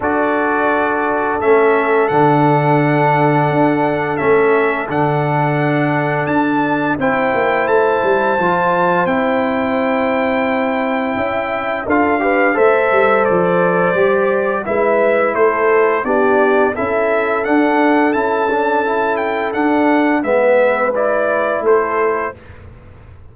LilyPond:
<<
  \new Staff \with { instrumentName = "trumpet" } { \time 4/4 \tempo 4 = 86 d''2 e''4 fis''4~ | fis''2 e''4 fis''4~ | fis''4 a''4 g''4 a''4~ | a''4 g''2.~ |
g''4 f''4 e''4 d''4~ | d''4 e''4 c''4 d''4 | e''4 fis''4 a''4. g''8 | fis''4 e''4 d''4 c''4 | }
  \new Staff \with { instrumentName = "horn" } { \time 4/4 a'1~ | a'1~ | a'2 c''2~ | c''1 |
e''4 a'8 b'8 c''2~ | c''4 b'4 a'4 g'4 | a'1~ | a'4 b'2 a'4 | }
  \new Staff \with { instrumentName = "trombone" } { \time 4/4 fis'2 cis'4 d'4~ | d'2 cis'4 d'4~ | d'2 e'2 | f'4 e'2.~ |
e'4 f'8 g'8 a'2 | g'4 e'2 d'4 | e'4 d'4 e'8 d'8 e'4 | d'4 b4 e'2 | }
  \new Staff \with { instrumentName = "tuba" } { \time 4/4 d'2 a4 d4~ | d4 d'4 a4 d4~ | d4 d'4 c'8 ais8 a8 g8 | f4 c'2. |
cis'4 d'4 a8 g8 f4 | g4 gis4 a4 b4 | cis'4 d'4 cis'2 | d'4 gis2 a4 | }
>>